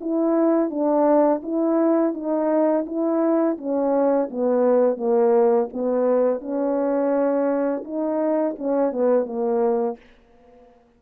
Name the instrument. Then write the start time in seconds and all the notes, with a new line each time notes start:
horn
0.00 E4
0.70 D4
1.42 E4
2.13 D#4
2.86 E4
3.57 C#4
4.30 B3
4.97 A#3
5.72 B3
6.40 C#4
7.84 D#4
8.58 C#4
8.92 B3
9.25 A#3